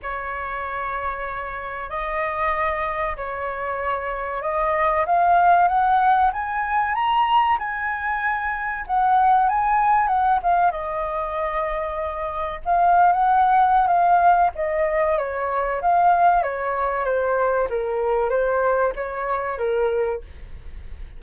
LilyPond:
\new Staff \with { instrumentName = "flute" } { \time 4/4 \tempo 4 = 95 cis''2. dis''4~ | dis''4 cis''2 dis''4 | f''4 fis''4 gis''4 ais''4 | gis''2 fis''4 gis''4 |
fis''8 f''8 dis''2. | f''8. fis''4~ fis''16 f''4 dis''4 | cis''4 f''4 cis''4 c''4 | ais'4 c''4 cis''4 ais'4 | }